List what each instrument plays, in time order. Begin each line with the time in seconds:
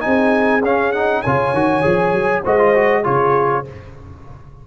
0.00 trombone D#4, horn G#4, trumpet G#5
0.06 tuba C4
0.62 tuba C#4, trombone C#4, trumpet F5
0.92 trombone D#4, trumpet F#5
1.22 tuba C#3, trombone F4, horn C#5, trumpet G#5
1.53 tuba D#3, trombone F#4
1.82 tuba F3, trombone G#4
2.13 tuba F#3
2.43 tuba G#3, trombone F#4, horn C5, trumpet D#5
2.59 trombone F4
2.75 trombone F#4
3.04 tuba C#3, trombone F4, horn G#4, trumpet C#5